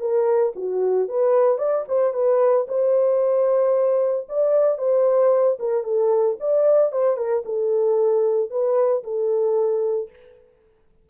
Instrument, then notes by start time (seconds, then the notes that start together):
horn
0.00 A#4
0.56 F#4
1.08 B4
1.58 D5
1.88 C5
2.13 B4
2.68 C5
4.29 D5
4.78 C5
5.59 A#4
5.84 A4
6.40 D5
6.92 C5
7.17 A#4
7.45 A4
8.50 B4
9.04 A4